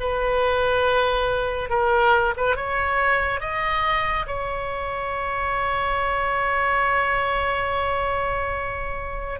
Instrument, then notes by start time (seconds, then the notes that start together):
oboe
0.00 B4
1.69 A#4
2.36 B4
2.56 C#5
3.40 D#5
4.27 C#5